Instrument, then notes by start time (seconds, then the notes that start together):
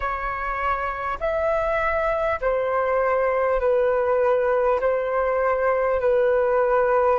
flute
0.00 C#5
1.19 E5
2.40 C5
3.59 B4
4.80 C5
6.00 B4